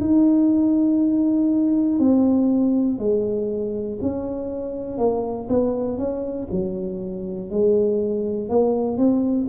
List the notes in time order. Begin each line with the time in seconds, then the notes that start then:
0.00 D#4
1.99 C4
2.99 G#3
4.01 C#4
4.98 A#3
5.50 B3
5.98 C#4
6.52 F#3
7.50 G#3
8.50 A#3
8.97 C4